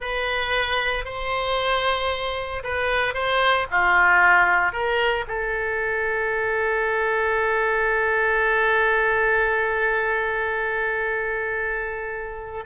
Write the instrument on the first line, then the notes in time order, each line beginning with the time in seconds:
oboe
0.00 B4
1.04 C5
2.63 B4
3.14 C5
3.70 F4
4.72 A#4
5.27 A4